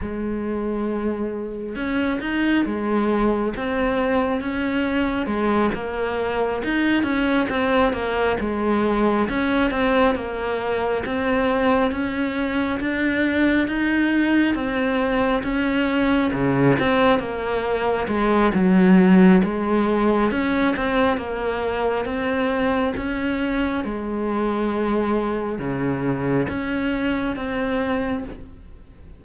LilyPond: \new Staff \with { instrumentName = "cello" } { \time 4/4 \tempo 4 = 68 gis2 cis'8 dis'8 gis4 | c'4 cis'4 gis8 ais4 dis'8 | cis'8 c'8 ais8 gis4 cis'8 c'8 ais8~ | ais8 c'4 cis'4 d'4 dis'8~ |
dis'8 c'4 cis'4 cis8 c'8 ais8~ | ais8 gis8 fis4 gis4 cis'8 c'8 | ais4 c'4 cis'4 gis4~ | gis4 cis4 cis'4 c'4 | }